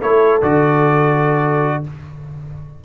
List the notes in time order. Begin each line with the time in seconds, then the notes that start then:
0.00 A3 E4 A4 C#5
0.42 D3 F#4 D5